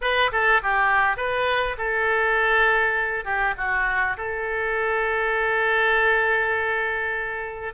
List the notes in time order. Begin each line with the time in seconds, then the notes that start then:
0.01 B4
0.31 A4
0.62 G4
1.17 B4
1.77 A4
3.24 G4
3.57 F#4
4.17 A4